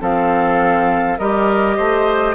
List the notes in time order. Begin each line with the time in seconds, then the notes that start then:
0.00 F3 C4 A4 F5
1.18 G3 G4 A#4 D#5
1.76 A3 C5